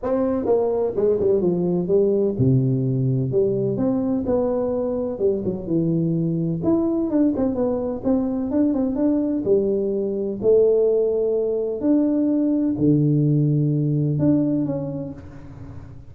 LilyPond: \new Staff \with { instrumentName = "tuba" } { \time 4/4 \tempo 4 = 127 c'4 ais4 gis8 g8 f4 | g4 c2 g4 | c'4 b2 g8 fis8 | e2 e'4 d'8 c'8 |
b4 c'4 d'8 c'8 d'4 | g2 a2~ | a4 d'2 d4~ | d2 d'4 cis'4 | }